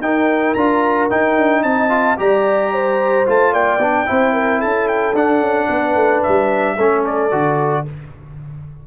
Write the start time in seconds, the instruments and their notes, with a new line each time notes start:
0.00 tuba D#4, trombone D#4, horn A#4, trumpet G5
0.54 tuba D4, trombone F4, trumpet A#5
1.10 trombone D#4, tuba D#4, trumpet G5
1.37 tuba D4
1.63 tuba C4, horn D#5, trumpet A5
1.89 trombone F4
2.17 tuba G3, trombone G4, horn D5, trumpet A#5
2.72 horn C5
3.26 tuba A3, trombone F4, trumpet A5
3.52 tuba A#3, horn D5, trumpet G5
3.78 tuba B3, trombone D4
4.06 tuba C4, trombone E4, horn C5
4.33 horn A#4
4.59 tuba C#4, horn A4, trumpet A5
4.88 trumpet G5
5.14 tuba D4, trombone D4, trumpet F#5
5.40 tuba C#4
5.69 tuba B3, horn B4
5.95 tuba A3
6.23 tuba G3, trumpet E5
6.76 tuba A3, trombone C#4, horn A4
7.06 trumpet D5
7.31 tuba D3, trombone F#4